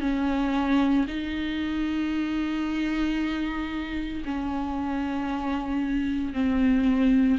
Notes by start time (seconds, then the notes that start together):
0.00 C#4
1.07 D#4
4.25 C#4
6.33 C4